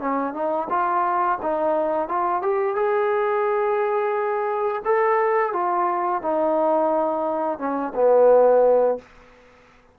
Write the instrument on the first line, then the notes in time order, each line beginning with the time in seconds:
trombone
0.00 C#4
0.34 D#4
0.70 F4
1.42 D#4
2.09 F4
2.42 G4
2.76 G#4
4.85 A4
5.53 F4
6.22 D#4
7.58 C#4
7.95 B3